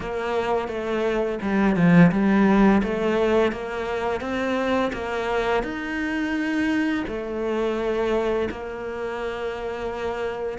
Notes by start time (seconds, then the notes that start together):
0.00 A#3
0.68 A3
1.41 G3
1.76 F3
2.11 G3
2.83 A3
3.52 A#3
4.21 C4
4.93 A#3
5.63 D#4
7.07 A3
8.50 A#3